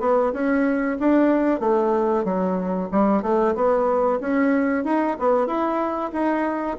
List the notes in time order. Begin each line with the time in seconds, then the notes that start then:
0.00 B3
0.33 C#4
0.99 D4
1.60 A3
2.24 F#3
2.91 G3
3.22 A3
3.55 B3
4.20 C#4
4.84 D#4
5.19 B3
5.46 E4
6.12 D#4